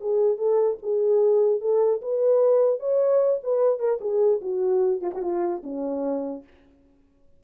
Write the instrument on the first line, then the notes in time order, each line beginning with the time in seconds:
horn
0.00 G#4
0.37 A4
0.82 G#4
1.61 A4
2.02 B4
2.79 C#5
3.43 B4
3.79 A#4
4.00 G#4
4.41 F#4
5.01 F4
5.14 F#4
5.22 F4
5.63 C#4